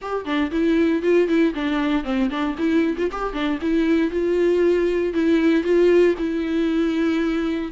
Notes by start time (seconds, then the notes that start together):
0.01 G4
0.25 D4
0.51 E4
1.02 F4
1.28 E4
1.54 D4
2.03 C4
2.30 D4
2.58 E4
2.97 F4
3.11 G4
3.33 D4
3.61 E4
4.10 F4
5.13 E4
5.63 F4
6.17 E4